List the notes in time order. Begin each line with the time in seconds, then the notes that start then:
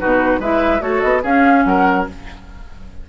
0.00 B2 D#4 F#4 B4
0.40 G#3 E4 B4 E5
0.80 A3 F#4 A4 C#5
1.01 B3 D#5
1.23 C#4 G#4 F5
1.65 F#3 A#4 F#5